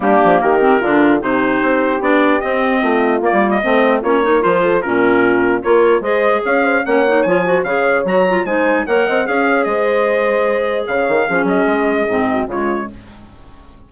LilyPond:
<<
  \new Staff \with { instrumentName = "trumpet" } { \time 4/4 \tempo 4 = 149 g'4 ais'2 c''4~ | c''4 d''4 dis''2 | d''8. dis''4~ dis''16 cis''4 c''4 | ais'2 cis''4 dis''4 |
f''4 fis''4 gis''4 f''4 | ais''4 gis''4 fis''4 f''4 | dis''2. f''4~ | f''8 dis''2~ dis''8 cis''4 | }
  \new Staff \with { instrumentName = "horn" } { \time 4/4 d'4 g'4 f'4 g'4~ | g'2. f'4~ | f'4 c''4 f'8 ais'4 a'8 | f'2 ais'4 c''4 |
cis''8 c''8 cis''4. c''8 cis''4~ | cis''4 c''4 cis''8 dis''8 cis''4 | c''2. cis''4 | gis'2~ gis'8 fis'8 f'4 | }
  \new Staff \with { instrumentName = "clarinet" } { \time 4/4 ais4. c'8 d'4 dis'4~ | dis'4 d'4 c'2 | ais4 c'4 cis'8 dis'8 f'4 | cis'2 f'4 gis'4~ |
gis'4 cis'8 dis'8 f'8 fis'8 gis'4 | fis'8 f'8 dis'4 ais'4 gis'4~ | gis'1 | cis'2 c'4 gis4 | }
  \new Staff \with { instrumentName = "bassoon" } { \time 4/4 g8 f8 dis4 d4 c4 | c'4 b4 c'4 a4 | ais16 g8. a4 ais4 f4 | ais,2 ais4 gis4 |
cis'4 ais4 f4 cis4 | fis4 gis4 ais8 c'8 cis'4 | gis2. cis8 dis8 | f8 fis8 gis4 gis,4 cis4 | }
>>